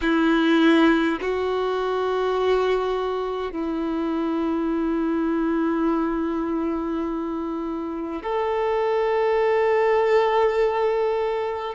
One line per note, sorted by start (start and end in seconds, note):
0.01 1.19 E4
1.21 3.51 F#4
3.51 8.22 E4
8.22 11.74 A4